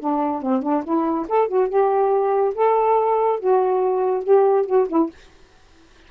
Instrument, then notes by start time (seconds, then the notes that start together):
saxophone
0.00 D4
0.42 C4
0.63 D4
0.84 E4
1.29 A4
1.48 F#4
1.69 G4
2.55 A4
3.40 F#4
4.24 G4
4.66 F#4
4.89 E4